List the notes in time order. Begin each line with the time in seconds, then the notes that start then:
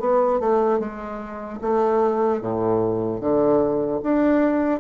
0.00 B3
0.40 A3
0.80 G#3
1.62 A3
2.41 A2
3.21 D3
4.04 D4